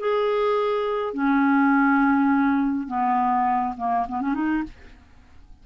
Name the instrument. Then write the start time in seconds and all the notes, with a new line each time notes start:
clarinet
0.00 G#4
1.14 C#4
2.88 B3
3.78 A#3
4.09 B3
4.22 C#4
4.35 D#4